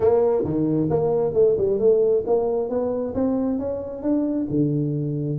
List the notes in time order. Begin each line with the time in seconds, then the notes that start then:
0.00 A#3
0.44 D#3
0.90 A#3
1.33 A3
1.57 G3
1.79 A3
2.26 A#3
2.69 B3
3.14 C4
3.58 C#4
4.02 D4
4.49 D3